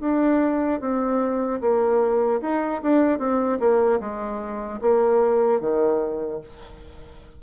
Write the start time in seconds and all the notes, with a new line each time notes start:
0.00 D4
0.80 C4
1.60 A#3
2.41 D#4
2.82 D4
3.19 C4
3.59 A#3
4.00 G#3
4.81 A#3
5.60 D#3